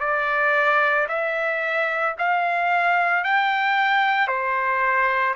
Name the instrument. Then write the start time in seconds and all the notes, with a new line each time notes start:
trumpet
0.00 D5
1.09 E5
2.19 F5
3.24 G5
4.28 C5